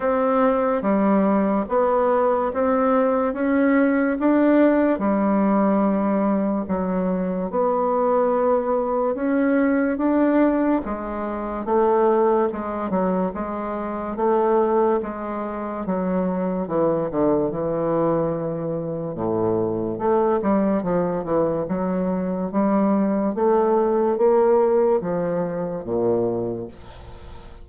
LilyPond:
\new Staff \with { instrumentName = "bassoon" } { \time 4/4 \tempo 4 = 72 c'4 g4 b4 c'4 | cis'4 d'4 g2 | fis4 b2 cis'4 | d'4 gis4 a4 gis8 fis8 |
gis4 a4 gis4 fis4 | e8 d8 e2 a,4 | a8 g8 f8 e8 fis4 g4 | a4 ais4 f4 ais,4 | }